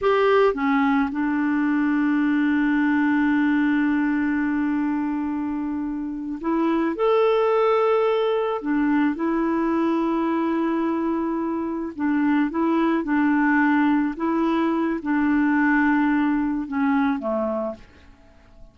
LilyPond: \new Staff \with { instrumentName = "clarinet" } { \time 4/4 \tempo 4 = 108 g'4 cis'4 d'2~ | d'1~ | d'2.~ d'8 e'8~ | e'8 a'2. d'8~ |
d'8 e'2.~ e'8~ | e'4. d'4 e'4 d'8~ | d'4. e'4. d'4~ | d'2 cis'4 a4 | }